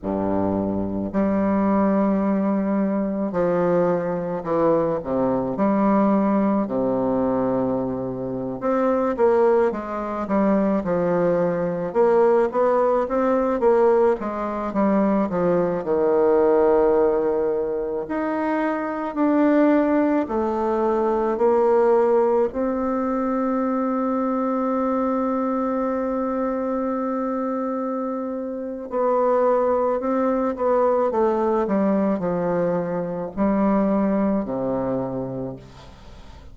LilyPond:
\new Staff \with { instrumentName = "bassoon" } { \time 4/4 \tempo 4 = 54 g,4 g2 f4 | e8 c8 g4 c4.~ c16 c'16~ | c'16 ais8 gis8 g8 f4 ais8 b8 c'16~ | c'16 ais8 gis8 g8 f8 dis4.~ dis16~ |
dis16 dis'4 d'4 a4 ais8.~ | ais16 c'2.~ c'8.~ | c'2 b4 c'8 b8 | a8 g8 f4 g4 c4 | }